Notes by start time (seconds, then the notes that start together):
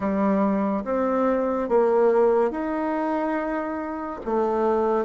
0.00 G3
0.84 C4
1.68 A#3
2.50 D#4
4.25 A3